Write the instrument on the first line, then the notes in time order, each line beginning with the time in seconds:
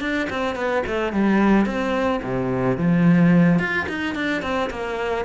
cello
0.00 D4
0.29 C4
0.55 B3
0.86 A3
1.12 G3
1.65 C4
2.23 C3
2.77 F3
3.59 F4
3.88 D#4
4.14 D4
4.42 C4
4.70 A#3